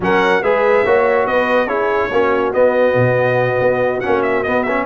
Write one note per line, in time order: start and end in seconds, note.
0.00 0.42 F#3
0.00 0.43 C#4
0.00 0.42 A#4
0.00 0.43 F#5
0.42 0.84 G#3
0.42 0.85 G#4
0.42 0.84 B4
0.42 1.26 E5
0.84 1.26 A#3
0.84 1.68 F#4
0.84 1.27 C#5
1.26 1.66 B3
1.26 1.68 B4
1.26 1.68 D#5
1.66 2.08 C#4
1.66 2.10 E4
1.66 2.10 G#4
1.66 2.52 C#5
2.11 2.54 A#3
2.11 2.54 C#4
2.11 4.85 F#4
2.53 4.02 B3
2.53 2.95 B3
2.53 4.00 D#5
2.95 3.58 B2
3.59 4.01 B3
4.00 4.45 C#4
4.00 4.21 F#5
4.06 4.45 A#3
4.22 4.43 E5
4.43 4.66 B3
4.43 4.85 B3
4.43 4.63 D#5
4.63 4.85 C#4
4.63 4.84 E5